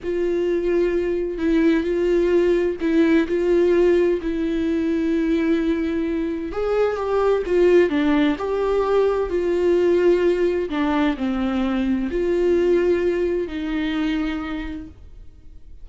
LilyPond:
\new Staff \with { instrumentName = "viola" } { \time 4/4 \tempo 4 = 129 f'2. e'4 | f'2 e'4 f'4~ | f'4 e'2.~ | e'2 gis'4 g'4 |
f'4 d'4 g'2 | f'2. d'4 | c'2 f'2~ | f'4 dis'2. | }